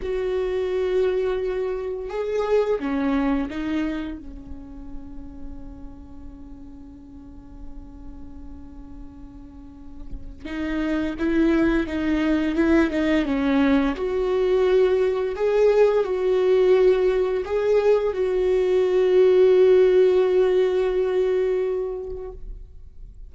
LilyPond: \new Staff \with { instrumentName = "viola" } { \time 4/4 \tempo 4 = 86 fis'2. gis'4 | cis'4 dis'4 cis'2~ | cis'1~ | cis'2. dis'4 |
e'4 dis'4 e'8 dis'8 cis'4 | fis'2 gis'4 fis'4~ | fis'4 gis'4 fis'2~ | fis'1 | }